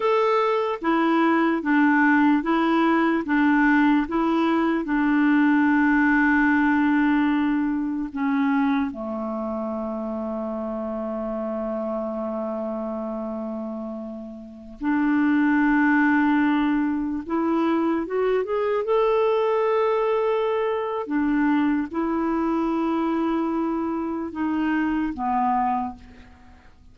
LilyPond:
\new Staff \with { instrumentName = "clarinet" } { \time 4/4 \tempo 4 = 74 a'4 e'4 d'4 e'4 | d'4 e'4 d'2~ | d'2 cis'4 a4~ | a1~ |
a2~ a16 d'4.~ d'16~ | d'4~ d'16 e'4 fis'8 gis'8 a'8.~ | a'2 d'4 e'4~ | e'2 dis'4 b4 | }